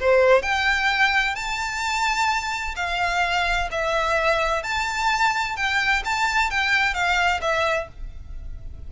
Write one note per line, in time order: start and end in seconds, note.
0.00 0.43 C5
0.43 1.36 G5
1.36 2.75 A5
2.76 3.69 F5
3.72 4.63 E5
4.63 5.56 A5
5.56 6.03 G5
6.05 6.51 A5
6.51 6.94 G5
6.94 7.41 F5
7.42 7.88 E5